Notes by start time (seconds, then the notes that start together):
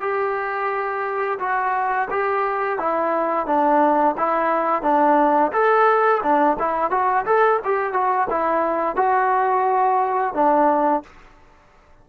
0.00 G4
1.39 F#4
2.10 G4
2.78 E4
3.46 D4
4.17 E4
4.82 D4
5.52 A4
6.23 D4
6.59 E4
6.90 F#4
7.25 A4
7.64 G4
7.93 F#4
8.29 E4
8.96 F#4
10.34 D4